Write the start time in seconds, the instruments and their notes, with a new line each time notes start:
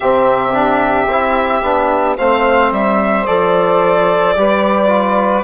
0.00 bassoon C3, trombone C4, saxophone G4, violin E5
0.52 trombone D4
1.06 bassoon C4, trombone E4
1.62 bassoon B3, trombone D4
2.16 bassoon A3, trombone C4, saxophone C5, violin F5
2.71 bassoon G3, violin E5
3.26 bassoon F3, trombone A4, violin D5
4.36 bassoon G3, trombone G4, saxophone B4
4.87 trombone F4